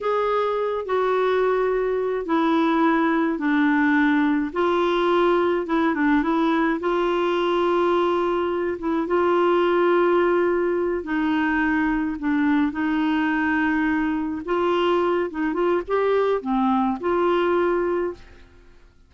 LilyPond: \new Staff \with { instrumentName = "clarinet" } { \time 4/4 \tempo 4 = 106 gis'4. fis'2~ fis'8 | e'2 d'2 | f'2 e'8 d'8 e'4 | f'2.~ f'8 e'8 |
f'2.~ f'8 dis'8~ | dis'4. d'4 dis'4.~ | dis'4. f'4. dis'8 f'8 | g'4 c'4 f'2 | }